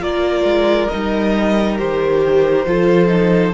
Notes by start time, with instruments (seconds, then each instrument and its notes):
0.00 cello A#3, viola F4, violin A#4 D5
0.44 cello G#3
0.89 cello G3, viola D#4, violin D#5
1.78 cello D#3, viola G4, violin C5
2.66 cello F3, viola F4, violin A4
3.07 viola D#4